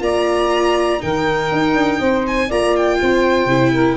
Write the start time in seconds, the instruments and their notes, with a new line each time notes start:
0.00 tuba A#3, viola F4, saxophone D5, violin A#5
0.99 tuba D#3, viola D#4, saxophone A#4, violin G5
1.52 tuba D#4
1.74 tuba D4
2.00 tuba C4, saxophone C5
2.27 violin G#5
2.48 tuba A#3, viola F4, saxophone D5, violin A#5
2.76 violin G5
3.02 tuba C4, saxophone C5
3.46 tuba C3, viola E4
3.72 saxophone A#4